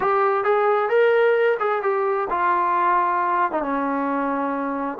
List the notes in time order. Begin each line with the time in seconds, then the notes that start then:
0.00 G4
0.44 G#4
0.89 A#4
1.59 G#4
1.82 G4
2.30 F4
3.51 D#4
3.62 C#4